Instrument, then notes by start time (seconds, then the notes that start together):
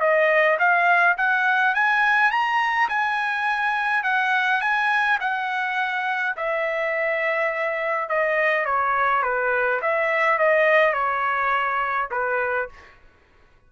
trumpet
0.00 D#5
0.58 F5
1.17 F#5
1.74 G#5
2.31 A#5
2.88 G#5
4.03 F#5
4.61 G#5
5.20 F#5
6.36 E5
8.09 D#5
8.65 C#5
9.23 B4
9.82 E5
10.38 D#5
10.93 C#5
12.11 B4